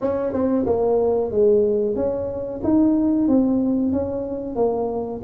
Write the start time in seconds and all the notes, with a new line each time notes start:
0.01 C#4
0.33 C4
0.66 A#3
1.31 G#3
1.95 C#4
2.63 D#4
3.28 C4
3.92 C#4
4.55 A#3